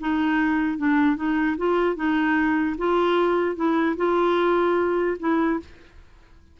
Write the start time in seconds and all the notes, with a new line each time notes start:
0.00 D#4
0.78 D4
1.16 D#4
1.57 F4
1.96 D#4
2.78 F4
3.56 E4
3.96 F4
5.19 E4